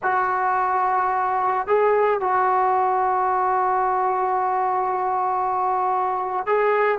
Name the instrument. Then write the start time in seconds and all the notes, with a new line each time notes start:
trombone
0.02 F#4
1.67 G#4
2.20 F#4
6.46 G#4